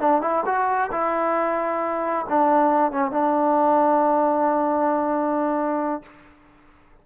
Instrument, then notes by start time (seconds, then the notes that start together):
trombone
0.00 D4
0.22 E4
0.46 F#4
0.92 E4
2.29 D4
2.92 C#4
3.11 D4